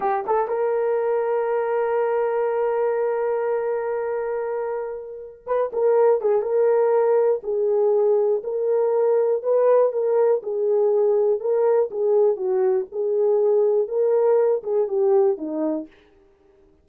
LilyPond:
\new Staff \with { instrumentName = "horn" } { \time 4/4 \tempo 4 = 121 g'8 a'8 ais'2.~ | ais'1~ | ais'2. b'8 ais'8~ | ais'8 gis'8 ais'2 gis'4~ |
gis'4 ais'2 b'4 | ais'4 gis'2 ais'4 | gis'4 fis'4 gis'2 | ais'4. gis'8 g'4 dis'4 | }